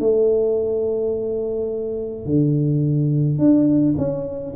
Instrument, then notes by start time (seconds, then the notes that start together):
tuba
0.00 A3
2.26 D3
3.39 D4
3.98 C#4